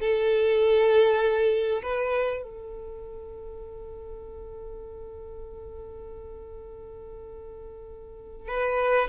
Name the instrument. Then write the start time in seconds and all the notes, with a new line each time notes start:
violin
0.00 A4
1.82 B4
2.43 A4
8.48 B4